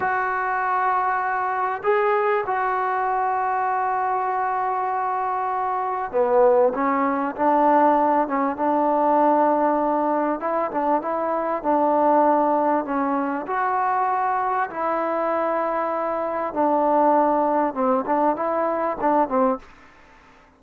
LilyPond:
\new Staff \with { instrumentName = "trombone" } { \time 4/4 \tempo 4 = 98 fis'2. gis'4 | fis'1~ | fis'2 b4 cis'4 | d'4. cis'8 d'2~ |
d'4 e'8 d'8 e'4 d'4~ | d'4 cis'4 fis'2 | e'2. d'4~ | d'4 c'8 d'8 e'4 d'8 c'8 | }